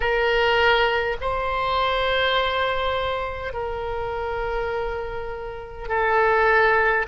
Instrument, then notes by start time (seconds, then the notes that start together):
oboe
0.00 A#4
1.21 C5
3.53 A#4
5.88 A4